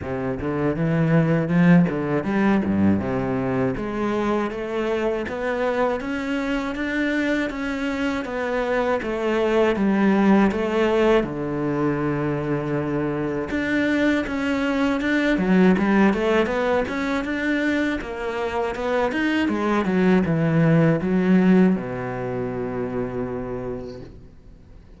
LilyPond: \new Staff \with { instrumentName = "cello" } { \time 4/4 \tempo 4 = 80 c8 d8 e4 f8 d8 g8 g,8 | c4 gis4 a4 b4 | cis'4 d'4 cis'4 b4 | a4 g4 a4 d4~ |
d2 d'4 cis'4 | d'8 fis8 g8 a8 b8 cis'8 d'4 | ais4 b8 dis'8 gis8 fis8 e4 | fis4 b,2. | }